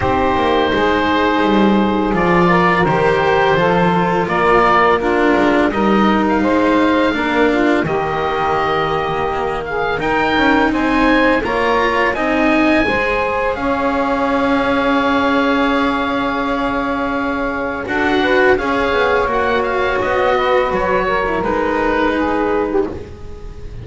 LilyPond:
<<
  \new Staff \with { instrumentName = "oboe" } { \time 4/4 \tempo 4 = 84 c''2. d''4 | c''2 d''4 ais'4 | dis''8. f''2~ f''16 dis''4~ | dis''4. f''8 g''4 gis''4 |
ais''4 gis''2 f''4~ | f''1~ | f''4 fis''4 f''4 fis''8 f''8 | dis''4 cis''4 b'2 | }
  \new Staff \with { instrumentName = "saxophone" } { \time 4/4 g'4 gis'2~ gis'8 ais'8~ | ais'4 a'4 ais'4 f'4 | ais'4 c''4 ais'8 f'8 g'4~ | g'4. gis'8 ais'4 c''4 |
cis''4 dis''4 c''4 cis''4~ | cis''1~ | cis''4 a'8 b'8 cis''2~ | cis''8 b'4 ais'4. gis'8. g'16 | }
  \new Staff \with { instrumentName = "cello" } { \time 4/4 dis'2. f'4 | g'4 f'2 d'4 | dis'2 d'4 ais4~ | ais2 dis'2 |
f'4 dis'4 gis'2~ | gis'1~ | gis'4 fis'4 gis'4 fis'4~ | fis'4.~ fis'16 e'16 dis'2 | }
  \new Staff \with { instrumentName = "double bass" } { \time 4/4 c'8 ais8 gis4 g4 f4 | dis4 f4 ais4. gis8 | g4 gis4 ais4 dis4~ | dis2 dis'8 cis'8 c'4 |
ais4 c'4 gis4 cis'4~ | cis'1~ | cis'4 d'4 cis'8 b8 ais4 | b4 fis4 gis2 | }
>>